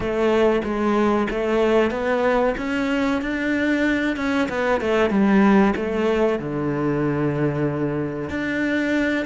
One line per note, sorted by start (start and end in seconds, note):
0.00 0.62 A3
0.64 1.27 G#3
1.30 1.91 A3
1.91 2.54 B3
2.57 3.21 C#4
3.21 4.16 D4
4.16 4.48 C#4
4.49 4.80 B3
4.80 5.09 A3
5.09 5.73 G3
5.76 6.39 A3
6.39 8.29 D3
8.29 9.25 D4